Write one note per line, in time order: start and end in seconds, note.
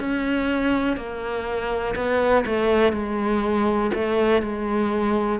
0.00 0.97 C#4
0.97 1.95 A#3
1.95 2.45 B3
2.46 2.93 A3
2.93 3.91 G#3
3.94 4.42 A3
4.42 5.40 G#3